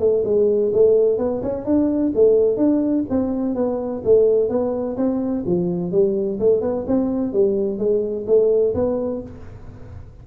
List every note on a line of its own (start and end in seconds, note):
0.00 0.24 A3
0.25 0.72 G#3
0.73 1.19 A3
1.19 1.42 B3
1.43 1.65 C#4
1.65 2.13 D4
2.15 2.57 A3
2.57 3.05 D4
3.10 3.55 C4
3.55 4.03 B3
4.05 4.50 A3
4.50 4.97 B3
4.97 5.44 C4
5.46 5.92 F3
5.92 6.39 G3
6.40 6.62 A3
6.62 6.85 B3
6.88 7.33 C4
7.33 7.79 G3
7.79 8.26 G#3
8.27 8.74 A3
8.75 9.22 B3